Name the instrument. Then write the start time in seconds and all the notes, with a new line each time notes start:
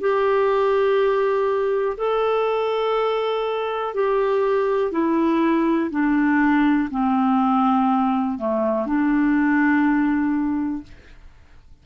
clarinet
0.00 G4
1.97 A4
3.94 G4
4.92 E4
5.91 D4
6.90 C4
8.38 A3
8.86 D4